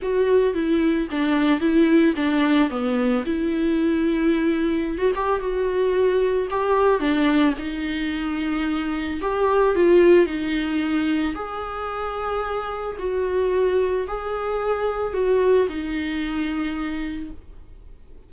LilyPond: \new Staff \with { instrumentName = "viola" } { \time 4/4 \tempo 4 = 111 fis'4 e'4 d'4 e'4 | d'4 b4 e'2~ | e'4~ e'16 fis'16 g'8 fis'2 | g'4 d'4 dis'2~ |
dis'4 g'4 f'4 dis'4~ | dis'4 gis'2. | fis'2 gis'2 | fis'4 dis'2. | }